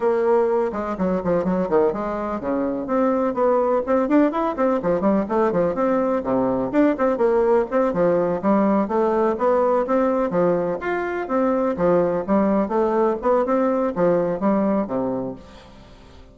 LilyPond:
\new Staff \with { instrumentName = "bassoon" } { \time 4/4 \tempo 4 = 125 ais4. gis8 fis8 f8 fis8 dis8 | gis4 cis4 c'4 b4 | c'8 d'8 e'8 c'8 f8 g8 a8 f8 | c'4 c4 d'8 c'8 ais4 |
c'8 f4 g4 a4 b8~ | b8 c'4 f4 f'4 c'8~ | c'8 f4 g4 a4 b8 | c'4 f4 g4 c4 | }